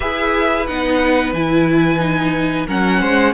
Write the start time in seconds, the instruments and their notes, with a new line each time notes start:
0.00 cello E4, viola G#4, violin B4 E5
0.66 cello B3, viola D#4, violin F#5
1.32 cello E3, viola E4, violin G#5
1.99 viola D#4
2.67 cello F#3, viola C#4, violin A#4 F#5
3.00 cello G#3, violin C5